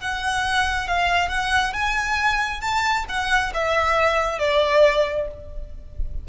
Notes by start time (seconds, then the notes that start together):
0.00 F#5
0.87 F5
1.29 F#5
1.73 G#5
2.60 A5
3.08 F#5
3.54 E5
4.39 D5